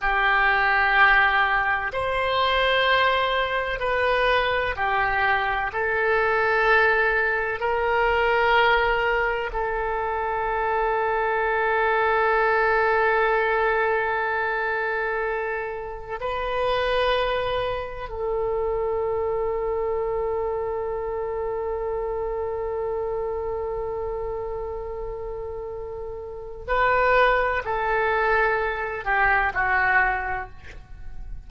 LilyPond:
\new Staff \with { instrumentName = "oboe" } { \time 4/4 \tempo 4 = 63 g'2 c''2 | b'4 g'4 a'2 | ais'2 a'2~ | a'1~ |
a'4 b'2 a'4~ | a'1~ | a'1 | b'4 a'4. g'8 fis'4 | }